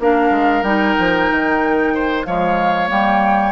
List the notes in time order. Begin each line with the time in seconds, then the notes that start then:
0.00 A#3 D4 A#4 F5
0.31 G#3
0.63 G3 D#4 G5
0.99 F3
1.31 D#3
1.94 C5
2.25 F3 G#3 C#5 F5
2.87 G3 A#3 G5